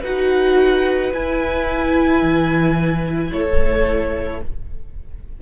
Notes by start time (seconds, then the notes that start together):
0.00 D#4 F#4 B4 F#5
1.13 E4 G#5
2.22 E3
3.32 A3 A4 C#5